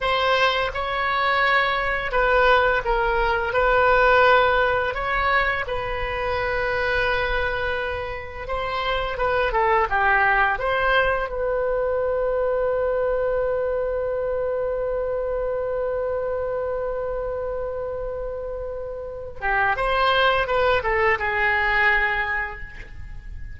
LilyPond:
\new Staff \with { instrumentName = "oboe" } { \time 4/4 \tempo 4 = 85 c''4 cis''2 b'4 | ais'4 b'2 cis''4 | b'1 | c''4 b'8 a'8 g'4 c''4 |
b'1~ | b'1~ | b'2.~ b'8 g'8 | c''4 b'8 a'8 gis'2 | }